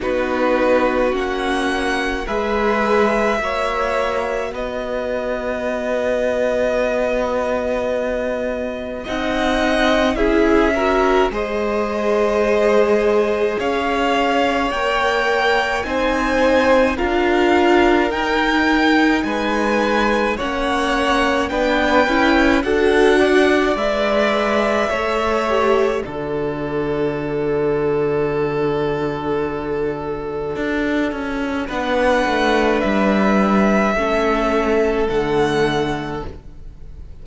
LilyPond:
<<
  \new Staff \with { instrumentName = "violin" } { \time 4/4 \tempo 4 = 53 b'4 fis''4 e''2 | dis''1 | fis''4 e''4 dis''2 | f''4 g''4 gis''4 f''4 |
g''4 gis''4 fis''4 g''4 | fis''4 e''2 d''4~ | d''1 | fis''4 e''2 fis''4 | }
  \new Staff \with { instrumentName = "violin" } { \time 4/4 fis'2 b'4 cis''4 | b'1 | dis''4 gis'8 ais'8 c''2 | cis''2 c''4 ais'4~ |
ais'4 b'4 cis''4 b'4 | a'8 d''4. cis''4 a'4~ | a'1 | b'2 a'2 | }
  \new Staff \with { instrumentName = "viola" } { \time 4/4 dis'4 cis'4 gis'4 fis'4~ | fis'1 | dis'4 e'8 fis'8 gis'2~ | gis'4 ais'4 dis'4 f'4 |
dis'2 cis'4 d'8 e'8 | fis'4 b'4 a'8 g'8 fis'4~ | fis'1 | d'2 cis'4 a4 | }
  \new Staff \with { instrumentName = "cello" } { \time 4/4 b4 ais4 gis4 ais4 | b1 | c'4 cis'4 gis2 | cis'4 ais4 c'4 d'4 |
dis'4 gis4 ais4 b8 cis'8 | d'4 gis4 a4 d4~ | d2. d'8 cis'8 | b8 a8 g4 a4 d4 | }
>>